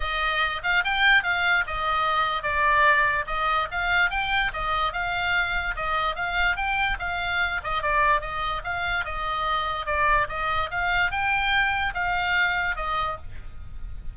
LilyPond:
\new Staff \with { instrumentName = "oboe" } { \time 4/4 \tempo 4 = 146 dis''4. f''8 g''4 f''4 | dis''2 d''2 | dis''4 f''4 g''4 dis''4 | f''2 dis''4 f''4 |
g''4 f''4. dis''8 d''4 | dis''4 f''4 dis''2 | d''4 dis''4 f''4 g''4~ | g''4 f''2 dis''4 | }